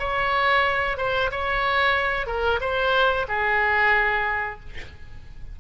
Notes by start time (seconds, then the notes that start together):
0.00 C#5
0.98 C5
1.31 C#5
2.27 A#4
2.61 C5
3.28 G#4